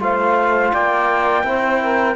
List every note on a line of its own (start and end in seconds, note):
0.00 0.72 A3
0.00 1.44 F4
0.00 0.72 C5
0.00 0.74 F5
0.72 1.44 A#3
0.72 1.45 D5
0.72 2.16 G5
1.44 2.16 C4
1.44 2.16 E4
1.44 1.81 C5
1.81 2.16 A#4